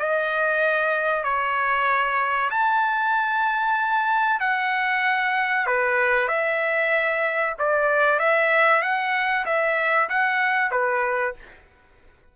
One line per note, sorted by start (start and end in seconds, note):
0.00 1.24 D#5
1.24 2.50 C#5
2.51 4.40 A5
4.40 5.67 F#5
5.67 6.29 B4
6.29 7.55 E5
7.59 8.20 D5
8.20 8.82 E5
8.82 9.46 F#5
9.46 10.09 E5
10.10 10.72 F#5
10.72 11.35 B4